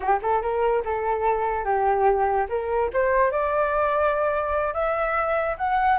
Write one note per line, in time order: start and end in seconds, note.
0.00 0.20 G4
0.22 0.41 A4
0.41 0.83 A#4
0.84 1.64 A4
1.64 2.47 G4
2.49 2.90 A#4
2.93 3.31 C5
3.31 4.73 D5
4.73 5.56 E5
5.57 5.98 F#5